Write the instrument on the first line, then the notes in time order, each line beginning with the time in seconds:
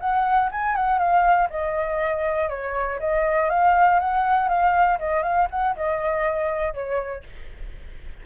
flute
0.00 F#5
0.52 G#5
0.76 F#5
0.98 F5
1.50 D#5
2.49 C#5
2.99 D#5
3.49 F5
3.99 F#5
4.48 F5
4.99 D#5
5.23 F5
5.50 F#5
5.76 D#5
6.74 C#5